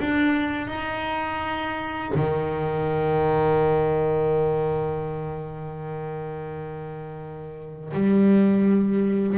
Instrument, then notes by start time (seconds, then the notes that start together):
double bass
0.00 D4
0.68 D#4
2.15 D#3
7.94 G3